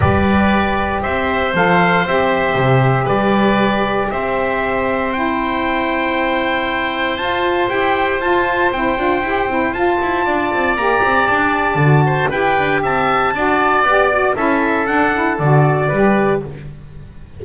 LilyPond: <<
  \new Staff \with { instrumentName = "trumpet" } { \time 4/4 \tempo 4 = 117 d''2 e''4 f''4 | e''2 d''2 | e''2 g''2~ | g''2 a''4 g''4 |
a''4 g''2 a''4~ | a''4 ais''4 a''2 | g''4 a''2 d''4 | e''4 fis''4 d''2 | }
  \new Staff \with { instrumentName = "oboe" } { \time 4/4 b'2 c''2~ | c''2 b'2 | c''1~ | c''1~ |
c''1 | d''2.~ d''8 c''8 | b'4 e''4 d''2 | a'2. b'4 | }
  \new Staff \with { instrumentName = "saxophone" } { \time 4/4 g'2. a'4 | g'1~ | g'2 e'2~ | e'2 f'4 g'4 |
f'4 e'8 f'8 g'8 e'8 f'4~ | f'4 g'2 fis'4 | g'2 fis'4 g'8 fis'8 | e'4 d'8 e'8 fis'4 g'4 | }
  \new Staff \with { instrumentName = "double bass" } { \time 4/4 g2 c'4 f4 | c'4 c4 g2 | c'1~ | c'2 f'4 e'4 |
f'4 c'8 d'8 e'8 c'8 f'8 e'8 | d'8 c'8 ais8 c'8 d'4 d4 | e'8 d'8 c'4 d'4 b4 | cis'4 d'4 d4 g4 | }
>>